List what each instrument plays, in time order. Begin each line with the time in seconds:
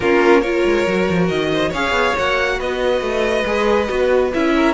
0.00 cello A#3, viola C#4, violin F4 A#4
0.40 viola F4, violin A#4 C#5
0.65 cello G#3
0.86 cello F#3, viola F#4
1.09 cello F3
1.28 cello D#3, violin D#5
1.52 violin C5
1.69 cello C#4, viola G#4, violin C#5 F5
1.91 cello B3
2.16 cello A#3, viola F#4, violin F#5
2.58 cello B3, violin B4 D#5
3.01 cello A3
3.45 cello G#3, viola G#4
3.87 cello B3, viola F#4
4.33 cello C#4, viola E4, violin E5
4.55 violin A#4